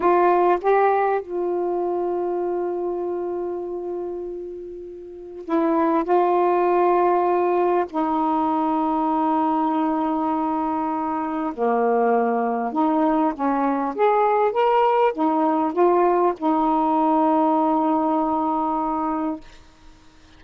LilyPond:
\new Staff \with { instrumentName = "saxophone" } { \time 4/4 \tempo 4 = 99 f'4 g'4 f'2~ | f'1~ | f'4 e'4 f'2~ | f'4 dis'2.~ |
dis'2. ais4~ | ais4 dis'4 cis'4 gis'4 | ais'4 dis'4 f'4 dis'4~ | dis'1 | }